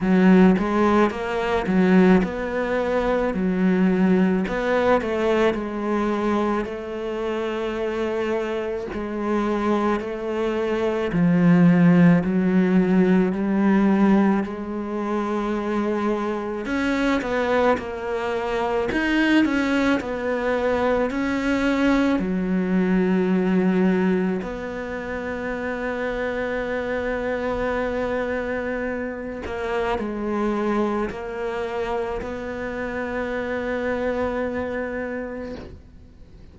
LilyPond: \new Staff \with { instrumentName = "cello" } { \time 4/4 \tempo 4 = 54 fis8 gis8 ais8 fis8 b4 fis4 | b8 a8 gis4 a2 | gis4 a4 f4 fis4 | g4 gis2 cis'8 b8 |
ais4 dis'8 cis'8 b4 cis'4 | fis2 b2~ | b2~ b8 ais8 gis4 | ais4 b2. | }